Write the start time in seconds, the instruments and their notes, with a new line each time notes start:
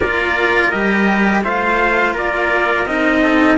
0.00 cello A#3 F4, trumpet A#4 D5
0.70 cello G3 G4, trumpet D#5
1.43 cello A3 F4, trumpet C5 F5
2.13 cello A#3, trumpet A#4 D5
2.85 cello C4 D#4, trumpet D#5
3.22 trumpet A4